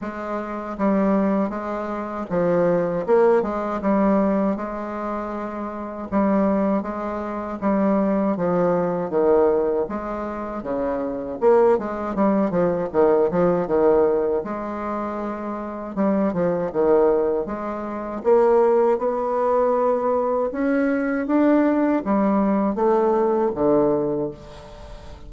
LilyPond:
\new Staff \with { instrumentName = "bassoon" } { \time 4/4 \tempo 4 = 79 gis4 g4 gis4 f4 | ais8 gis8 g4 gis2 | g4 gis4 g4 f4 | dis4 gis4 cis4 ais8 gis8 |
g8 f8 dis8 f8 dis4 gis4~ | gis4 g8 f8 dis4 gis4 | ais4 b2 cis'4 | d'4 g4 a4 d4 | }